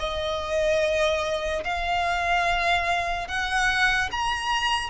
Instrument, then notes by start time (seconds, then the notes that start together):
violin
0.00 D#5
1.64 F5
3.28 F#5
4.12 A#5